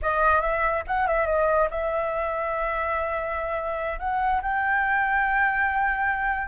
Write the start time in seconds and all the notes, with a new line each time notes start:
0.02 D#5
0.41 E5
0.87 F#5
1.07 E5
1.26 D#5
1.70 E5
3.99 F#5
4.42 G5